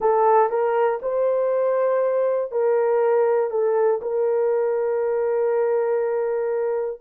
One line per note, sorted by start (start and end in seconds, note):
0.00 0.50 A4
0.50 1.00 A#4
1.02 2.51 C5
2.51 3.50 A#4
3.50 4.00 A4
4.01 7.00 A#4